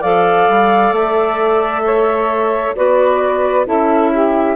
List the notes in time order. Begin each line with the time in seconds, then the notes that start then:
0.00 F3 A4 D5 F5
0.48 G3
0.92 A3 E5
1.85 C#5
2.75 B3 F#4 B4 D5
3.66 C#4 E4 A4 E5
4.12 G4